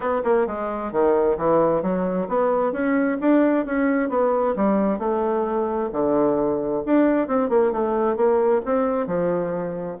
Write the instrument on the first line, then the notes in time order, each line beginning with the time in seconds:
bassoon
0.00 B3
0.24 A#3
0.46 G#3
0.92 D#3
1.37 E3
1.82 F#3
2.28 B3
2.72 C#4
3.20 D4
3.65 C#4
4.09 B3
4.56 G3
4.98 A3
5.92 D3
6.85 D4
7.27 C4
7.49 A#3
7.71 A3
8.16 A#3
8.65 C4
9.06 F3